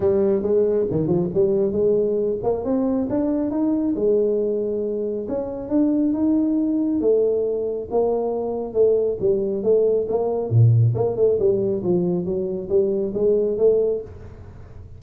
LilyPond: \new Staff \with { instrumentName = "tuba" } { \time 4/4 \tempo 4 = 137 g4 gis4 dis8 f8 g4 | gis4. ais8 c'4 d'4 | dis'4 gis2. | cis'4 d'4 dis'2 |
a2 ais2 | a4 g4 a4 ais4 | ais,4 ais8 a8 g4 f4 | fis4 g4 gis4 a4 | }